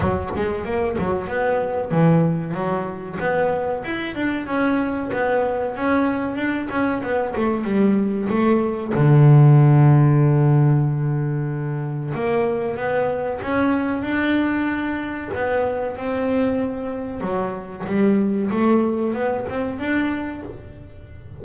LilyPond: \new Staff \with { instrumentName = "double bass" } { \time 4/4 \tempo 4 = 94 fis8 gis8 ais8 fis8 b4 e4 | fis4 b4 e'8 d'8 cis'4 | b4 cis'4 d'8 cis'8 b8 a8 | g4 a4 d2~ |
d2. ais4 | b4 cis'4 d'2 | b4 c'2 fis4 | g4 a4 b8 c'8 d'4 | }